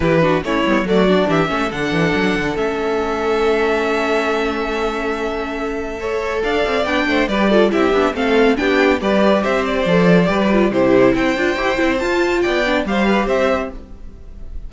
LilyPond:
<<
  \new Staff \with { instrumentName = "violin" } { \time 4/4 \tempo 4 = 140 b'4 cis''4 d''4 e''4 | fis''2 e''2~ | e''1~ | e''2. f''4 |
g''4 d''4 e''4 f''4 | g''4 d''4 e''8 d''4.~ | d''4 c''4 g''2 | a''4 g''4 f''4 e''4 | }
  \new Staff \with { instrumentName = "violin" } { \time 4/4 g'8 fis'8 e'4 fis'4 g'8 a'8~ | a'1~ | a'1~ | a'2 cis''4 d''4~ |
d''8 c''8 b'8 a'8 g'4 a'4 | g'4 b'4 c''2 | b'4 g'4 c''2~ | c''4 d''4 c''8 b'8 c''4 | }
  \new Staff \with { instrumentName = "viola" } { \time 4/4 e'8 d'8 cis'8 b8 a8 d'4 cis'8 | d'2 cis'2~ | cis'1~ | cis'2 a'2 |
d'4 g'8 f'8 e'8 d'8 c'4 | d'4 g'2 a'4 | g'8 f'8 e'4. f'8 g'8 e'8 | f'4. d'8 g'2 | }
  \new Staff \with { instrumentName = "cello" } { \time 4/4 e4 a8 g8 fis4 e8 a8 | d8 e8 fis8 d8 a2~ | a1~ | a2. d'8 c'8 |
b8 a8 g4 c'8 b8 a4 | b4 g4 c'4 f4 | g4 c4 c'8 d'8 e'8 c'8 | f'4 b4 g4 c'4 | }
>>